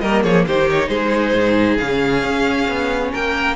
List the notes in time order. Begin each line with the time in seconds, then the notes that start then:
0.00 G3 A#3 A#4 D#5
0.23 F3 G#4 C#5
0.47 D#3 D#4 G4 C5
0.69 C#5
0.88 G#3 G#4 C5
1.33 G#2
1.77 C#3 C#4 F5
2.23 C#4
2.68 B3
3.11 A#3 A#4 G5